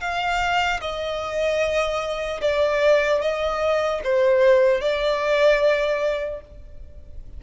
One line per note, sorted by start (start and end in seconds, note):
0.00 0.80 F5
0.80 2.40 D#5
2.41 3.21 D5
3.21 4.01 D#5
4.04 4.80 C5
4.80 6.40 D5